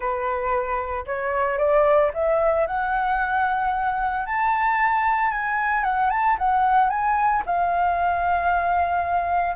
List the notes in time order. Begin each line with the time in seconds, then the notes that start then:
0.00 B4
1.05 C#5
1.58 D5
2.13 E5
2.66 F#5
4.26 A5
5.31 G#5
5.83 F#5
6.10 A5
6.38 F#5
6.89 G#5
7.46 F5